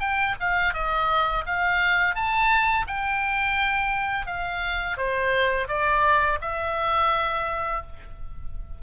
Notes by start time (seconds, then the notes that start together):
0.00 G5
0.40 F5
0.74 D#5
1.46 F5
2.16 A5
2.87 G5
4.26 F5
4.97 C5
5.68 D5
6.41 E5